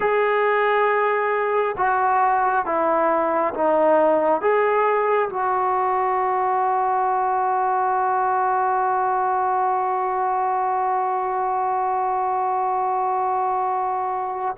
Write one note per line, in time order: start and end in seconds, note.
0.00 1.75 G#4
1.77 2.65 F#4
2.65 3.53 E4
3.53 4.41 D#4
4.41 5.29 G#4
5.29 14.56 F#4